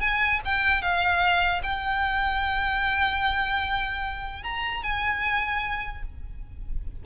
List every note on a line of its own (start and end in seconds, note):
0.00 0.40 G#5
0.45 0.82 G5
0.82 1.62 F5
1.63 4.43 G5
4.43 4.83 A#5
4.83 6.03 G#5